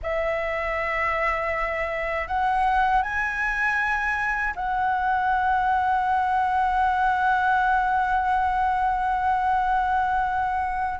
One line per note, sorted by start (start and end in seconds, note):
0.02 2.28 E5
2.28 3.02 F#5
3.02 4.54 G#5
4.55 10.99 F#5